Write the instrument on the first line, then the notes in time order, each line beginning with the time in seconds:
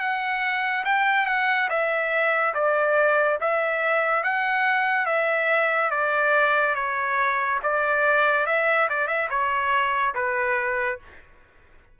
trumpet
0.00 F#5
0.86 G5
1.27 F#5
1.70 E5
2.55 D5
3.41 E5
4.24 F#5
5.06 E5
5.91 D5
6.75 C#5
7.63 D5
8.47 E5
8.90 D5
9.08 E5
9.30 C#5
10.15 B4